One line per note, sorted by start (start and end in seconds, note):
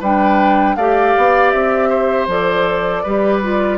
0.00 0.76 G3
0.00 0.79 D4
0.00 0.76 B4
0.00 0.76 G5
0.76 1.14 A3
0.76 2.29 G4
0.76 1.90 D5
0.76 1.51 F5
1.18 1.53 B3
1.51 2.27 C4
1.51 2.27 E5
1.90 3.03 C5
2.27 3.03 F3
2.27 3.05 A4
2.27 3.78 D5
3.03 3.78 G3
3.03 3.43 G4
3.03 3.78 B4
3.43 3.78 F4